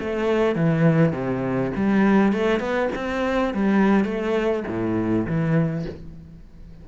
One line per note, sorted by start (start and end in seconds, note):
0.00 0.56 A3
0.56 1.13 E3
1.13 1.72 C3
1.76 2.33 G3
2.33 2.60 A3
2.60 2.90 B3
2.96 3.54 C4
3.54 4.05 G3
4.05 4.64 A3
4.68 5.26 A2
5.27 5.86 E3